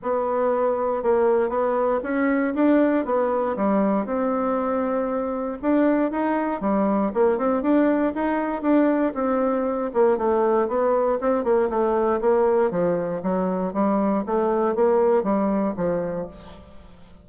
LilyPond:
\new Staff \with { instrumentName = "bassoon" } { \time 4/4 \tempo 4 = 118 b2 ais4 b4 | cis'4 d'4 b4 g4 | c'2. d'4 | dis'4 g4 ais8 c'8 d'4 |
dis'4 d'4 c'4. ais8 | a4 b4 c'8 ais8 a4 | ais4 f4 fis4 g4 | a4 ais4 g4 f4 | }